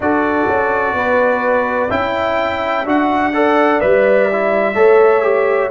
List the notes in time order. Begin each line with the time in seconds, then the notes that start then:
0.00 D4 F#4 A4 D5
0.47 C#4
0.93 B3 B4
1.89 C#4 E4 E5 G5
2.85 D4 F#4 F#5
3.33 A4 D5
3.80 G3 B4 E5
4.32 E4
4.74 A3 A4 C#5
5.22 G4